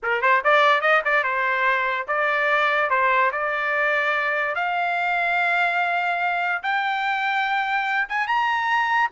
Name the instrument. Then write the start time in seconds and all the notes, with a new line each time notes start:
trumpet
0.02 A#4
0.21 C5
0.44 D5
0.81 D#5
1.04 D5
1.23 C5
2.07 D5
2.90 C5
3.31 D5
4.55 F5
6.63 G5
8.09 G#5
8.27 A#5